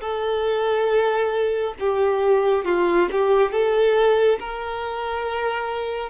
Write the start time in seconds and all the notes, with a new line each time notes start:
0.00 A4
1.79 G4
2.65 F4
3.11 G4
3.51 A4
4.40 A#4